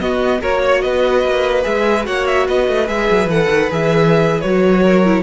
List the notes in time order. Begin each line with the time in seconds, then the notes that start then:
0.00 B3 F#4 D#5
0.40 A#3 F#4 A#4 C#5
0.63 C#5
0.82 B3 B4 D#5
1.24 A#3
1.62 G#3 G#4 E5
2.04 A#3 F#4 C#5 F#5
2.27 E5
2.48 B3 B4 D#5
2.69 A3
2.87 G#3 G#4 E5
3.11 F#3
3.27 E3 A4 F#5
3.49 D#3
3.70 E3 G#4 E5
4.41 F#3 F#4 C#5
4.83 A#4
5.05 E4